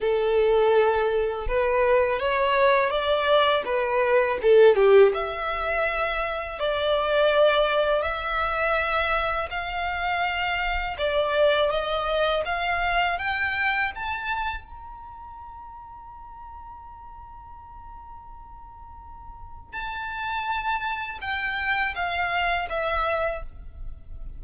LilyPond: \new Staff \with { instrumentName = "violin" } { \time 4/4 \tempo 4 = 82 a'2 b'4 cis''4 | d''4 b'4 a'8 g'8 e''4~ | e''4 d''2 e''4~ | e''4 f''2 d''4 |
dis''4 f''4 g''4 a''4 | ais''1~ | ais''2. a''4~ | a''4 g''4 f''4 e''4 | }